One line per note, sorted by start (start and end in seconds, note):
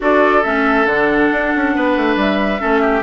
0.00 0.44 D4
0.00 0.43 F#4
0.00 1.75 A4
0.00 0.43 D5
0.43 0.85 A3
0.43 0.87 C#4
0.43 0.86 E5
0.85 1.29 D3
0.85 2.59 D4
0.85 2.16 F#5
1.31 1.53 D4
1.55 1.75 C#4
1.75 1.96 B3
1.75 2.60 B4
1.96 2.16 A3
2.16 2.59 G3
2.16 3.02 E5
2.59 3.02 A3
2.59 3.02 C#4
2.59 2.81 A4
2.81 3.02 G4